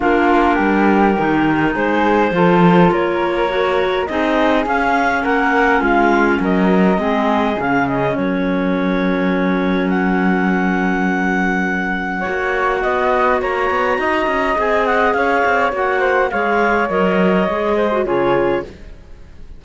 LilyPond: <<
  \new Staff \with { instrumentName = "clarinet" } { \time 4/4 \tempo 4 = 103 ais'2. c''4~ | c''4 cis''2 dis''4 | f''4 fis''4 f''4 dis''4~ | dis''4 f''8 dis''8 cis''2~ |
cis''4 fis''2.~ | fis''2. ais''4~ | ais''4 gis''8 fis''8 f''4 fis''4 | f''4 dis''2 cis''4 | }
  \new Staff \with { instrumentName = "flute" } { \time 4/4 f'4 g'2 gis'4 | a'4 ais'2 gis'4~ | gis'4 ais'4 f'4 ais'4 | gis'2 ais'2~ |
ais'1~ | ais'4 cis''4 dis''4 cis''4 | dis''2 cis''4. c''8 | cis''2~ cis''8 c''8 gis'4 | }
  \new Staff \with { instrumentName = "clarinet" } { \time 4/4 d'2 dis'2 | f'2 fis'4 dis'4 | cis'1 | c'4 cis'2.~ |
cis'1~ | cis'4 fis'2.~ | fis'4 gis'2 fis'4 | gis'4 ais'4 gis'8. fis'16 f'4 | }
  \new Staff \with { instrumentName = "cello" } { \time 4/4 ais4 g4 dis4 gis4 | f4 ais2 c'4 | cis'4 ais4 gis4 fis4 | gis4 cis4 fis2~ |
fis1~ | fis4 ais4 b4 ais8 b8 | dis'8 cis'8 c'4 cis'8 c'8 ais4 | gis4 fis4 gis4 cis4 | }
>>